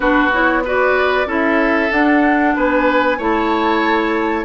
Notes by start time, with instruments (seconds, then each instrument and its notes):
0.00 bassoon B3, clarinet D4, oboe F#4, flute B4
0.33 clarinet E4, flute C#5
0.64 clarinet F#4, oboe B4, flute D5
1.26 bassoon C#4, clarinet E4, oboe A4
1.32 flute E5
1.91 bassoon D4, clarinet D4, flute F#5
2.55 bassoon B3, oboe B4, flute G#5
3.18 bassoon A3, clarinet E4, oboe C#5, flute A5